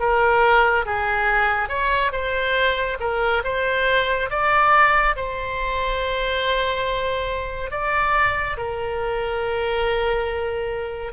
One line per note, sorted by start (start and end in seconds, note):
0.00 0.86 A#4
0.86 1.69 G#4
1.69 2.12 C#5
2.12 2.98 C5
3.00 3.43 A#4
3.44 4.30 C5
4.31 5.16 D5
5.17 7.71 C5
7.71 8.57 D5
8.58 11.13 A#4